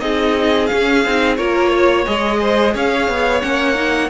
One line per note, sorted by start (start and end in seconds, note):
0.00 0.69 C4
0.00 0.68 D#4
0.00 1.38 G#4
0.00 0.66 D#5
0.66 1.05 C#4
0.66 1.35 F5
0.73 1.05 C#4
1.05 1.38 C4
1.05 1.38 D#4
1.37 2.06 A#3
1.37 2.05 F4
1.37 1.69 A#4
1.37 2.05 C#5
1.69 2.37 C#5
2.05 2.75 G#3
2.05 3.41 G#4
2.05 2.74 D#5
2.41 2.74 C5
2.74 3.08 C#4
2.74 4.09 C#5
2.74 3.41 F5
3.08 3.42 B3
3.41 4.09 A#3
3.41 3.75 C#4
3.41 4.09 F#5
3.75 4.09 D#4